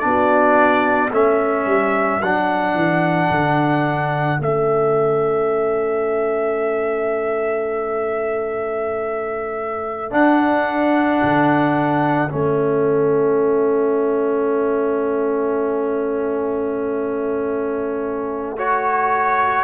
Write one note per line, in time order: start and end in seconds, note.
0.00 1.11 B3
0.00 1.10 D4
0.00 1.09 D5
0.07 1.11 F#4
1.11 1.66 A3
1.11 2.22 C#4
1.11 19.64 A4
1.11 2.22 E5
1.66 2.21 G3
2.22 2.74 F#3
2.22 4.39 D4
2.22 4.40 F#5
2.74 3.29 E3
3.30 4.39 D3
4.39 10.13 A3
4.39 10.11 C#4
4.39 10.13 E5
10.11 12.29 D4
10.11 11.22 D4
10.11 12.31 F#5
11.23 12.32 D3
12.30 19.64 A3
12.30 18.57 C#4
12.30 18.58 E5
18.57 19.64 F#4
18.57 19.64 C#5